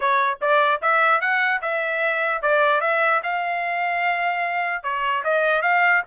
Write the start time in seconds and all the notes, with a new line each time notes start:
0.00 C#5
0.41 D5
0.81 E5
1.20 F#5
1.61 E5
2.42 D5
2.81 E5
3.23 F5
4.83 C#5
5.24 D#5
5.62 F5